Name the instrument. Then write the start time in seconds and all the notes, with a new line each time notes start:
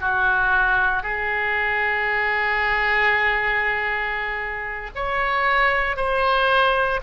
oboe
0.00 F#4
1.03 G#4
4.95 C#5
5.96 C5